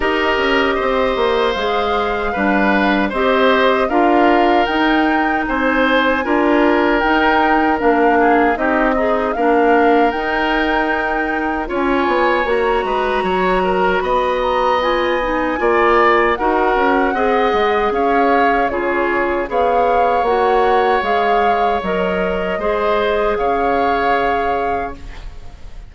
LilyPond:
<<
  \new Staff \with { instrumentName = "flute" } { \time 4/4 \tempo 4 = 77 dis''2 f''2 | dis''4 f''4 g''4 gis''4~ | gis''4 g''4 f''4 dis''4 | f''4 g''2 gis''4 |
ais''2 b''8 ais''8 gis''4~ | gis''4 fis''2 f''4 | cis''4 f''4 fis''4 f''4 | dis''2 f''2 | }
  \new Staff \with { instrumentName = "oboe" } { \time 4/4 ais'4 c''2 b'4 | c''4 ais'2 c''4 | ais'2~ ais'8 gis'8 g'8 dis'8 | ais'2. cis''4~ |
cis''8 b'8 cis''8 ais'8 dis''2 | d''4 ais'4 dis''4 cis''4 | gis'4 cis''2.~ | cis''4 c''4 cis''2 | }
  \new Staff \with { instrumentName = "clarinet" } { \time 4/4 g'2 gis'4 d'4 | g'4 f'4 dis'2 | f'4 dis'4 d'4 dis'8 gis'8 | d'4 dis'2 f'4 |
fis'2. f'8 dis'8 | f'4 fis'4 gis'2 | f'4 gis'4 fis'4 gis'4 | ais'4 gis'2. | }
  \new Staff \with { instrumentName = "bassoon" } { \time 4/4 dis'8 cis'8 c'8 ais8 gis4 g4 | c'4 d'4 dis'4 c'4 | d'4 dis'4 ais4 c'4 | ais4 dis'2 cis'8 b8 |
ais8 gis8 fis4 b2 | ais4 dis'8 cis'8 c'8 gis8 cis'4 | cis4 b4 ais4 gis4 | fis4 gis4 cis2 | }
>>